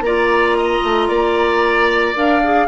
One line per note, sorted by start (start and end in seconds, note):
0.00 0.80 A#3
0.00 2.15 F4
0.00 0.57 D5
0.00 2.15 A#5
0.57 1.08 D#5
0.83 1.08 A3
1.08 2.14 A#3
1.08 2.67 D5
2.15 2.67 D4
2.15 2.41 A#4
2.15 2.67 F5
2.43 2.67 G#4